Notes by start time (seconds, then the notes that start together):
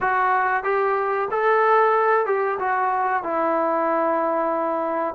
0.00 F#4
0.63 G4
1.31 A4
2.26 G4
2.59 F#4
3.23 E4